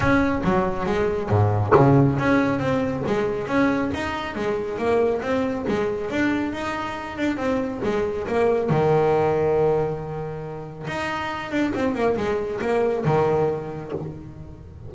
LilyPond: \new Staff \with { instrumentName = "double bass" } { \time 4/4 \tempo 4 = 138 cis'4 fis4 gis4 gis,4 | cis4 cis'4 c'4 gis4 | cis'4 dis'4 gis4 ais4 | c'4 gis4 d'4 dis'4~ |
dis'8 d'8 c'4 gis4 ais4 | dis1~ | dis4 dis'4. d'8 c'8 ais8 | gis4 ais4 dis2 | }